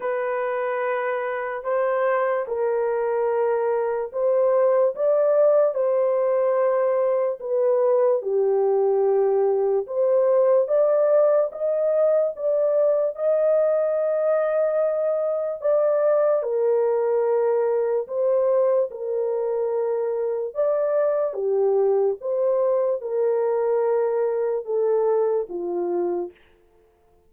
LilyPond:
\new Staff \with { instrumentName = "horn" } { \time 4/4 \tempo 4 = 73 b'2 c''4 ais'4~ | ais'4 c''4 d''4 c''4~ | c''4 b'4 g'2 | c''4 d''4 dis''4 d''4 |
dis''2. d''4 | ais'2 c''4 ais'4~ | ais'4 d''4 g'4 c''4 | ais'2 a'4 f'4 | }